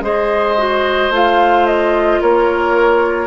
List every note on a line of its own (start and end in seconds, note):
0.00 1.09 G#3
0.00 0.56 G#4
0.00 2.21 C5
0.00 1.13 D#5
0.57 1.11 F#4
1.10 2.19 A3
1.10 3.26 F4
1.10 1.66 F5
1.66 2.20 D#5
2.21 3.26 A#3
2.21 3.26 A#4
2.21 3.26 C#5